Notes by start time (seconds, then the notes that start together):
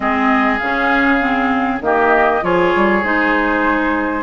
0.00 G#3 C4 G#4 D#5
0.58 C#3 C#4 F5
1.20 C4
1.80 D#3 A#3 G4 D#5
2.42 F3 F4 G#4 C#5
2.75 G3
3.03 G#3 D#4 C5